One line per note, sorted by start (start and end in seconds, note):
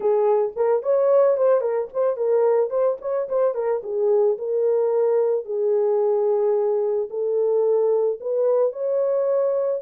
0.00 0.52 G#4
0.56 0.82 A#4
0.82 1.37 C#5
1.37 1.61 C5
1.61 1.88 A#4
1.93 2.16 C5
2.16 2.70 A#4
2.70 2.97 C5
3.01 3.28 C#5
3.29 3.54 C5
3.54 3.81 A#4
3.83 4.37 G#4
4.38 5.45 A#4
5.45 7.09 G#4
7.10 8.19 A4
8.20 8.72 B4
8.72 9.81 C#5